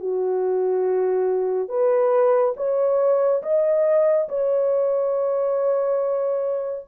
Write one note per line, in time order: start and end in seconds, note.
0.00 1.69 F#4
1.69 2.54 B4
2.57 3.42 C#5
3.42 4.28 D#5
4.29 6.86 C#5